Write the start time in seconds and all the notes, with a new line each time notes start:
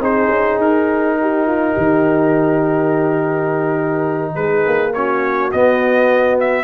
0.00 C4 D#4 G#4 C5
0.29 C#4
0.58 D#4 A#4
1.21 G4
1.47 F4
1.74 D#3 G4
4.35 G#3 G#4 B4
4.67 A#3
4.94 C#4 F#4 C#5
5.52 B3 D#5
6.40 E5